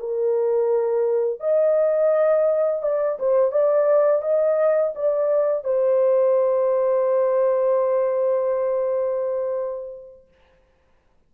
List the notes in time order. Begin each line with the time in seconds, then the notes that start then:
0.00 A#4
1.40 D#5
2.83 D5
3.20 C5
3.52 D5
4.22 D#5
4.95 D5
5.64 C5